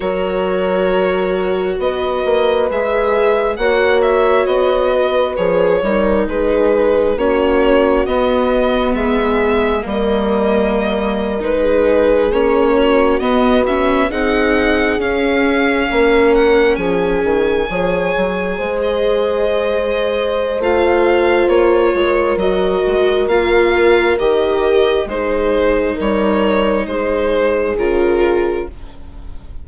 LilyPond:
<<
  \new Staff \with { instrumentName = "violin" } { \time 4/4 \tempo 4 = 67 cis''2 dis''4 e''4 | fis''8 e''8 dis''4 cis''4 b'4 | cis''4 dis''4 e''4 dis''4~ | dis''8. b'4 cis''4 dis''8 e''8 fis''16~ |
fis''8. f''4. fis''8 gis''4~ gis''16~ | gis''4 dis''2 f''4 | cis''4 dis''4 f''4 dis''4 | c''4 cis''4 c''4 ais'4 | }
  \new Staff \with { instrumentName = "horn" } { \time 4/4 ais'2 b'2 | cis''4. b'4 ais'8 gis'4 | fis'2 gis'4 ais'4~ | ais'4 gis'4~ gis'16 fis'4. gis'16~ |
gis'4.~ gis'16 ais'4 gis'4 cis''16~ | cis''8. c''2.~ c''16~ | c''8 ais'2.~ ais'8 | gis'4 ais'4 gis'2 | }
  \new Staff \with { instrumentName = "viola" } { \time 4/4 fis'2. gis'4 | fis'2 gis'8 dis'4. | cis'4 b2 ais4~ | ais8. dis'4 cis'4 b8 cis'8 dis'16~ |
dis'8. cis'2. gis'16~ | gis'2. f'4~ | f'4 fis'4 f'4 g'4 | dis'2. f'4 | }
  \new Staff \with { instrumentName = "bassoon" } { \time 4/4 fis2 b8 ais8 gis4 | ais4 b4 f8 g8 gis4 | ais4 b4 gis4 g4~ | g8. gis4 ais4 b4 c'16~ |
c'8. cis'4 ais4 f8 dis8 f16~ | f16 fis8 gis2~ gis16 a4 | ais8 gis8 fis8 gis8 ais4 dis4 | gis4 g4 gis4 cis4 | }
>>